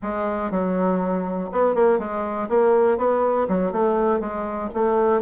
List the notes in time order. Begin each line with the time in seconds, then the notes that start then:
0.02 G#3
0.50 F#3
1.52 B3
1.75 A#3
1.98 G#3
2.48 A#3
2.97 B3
3.48 F#3
3.72 A3
4.20 G#3
4.74 A3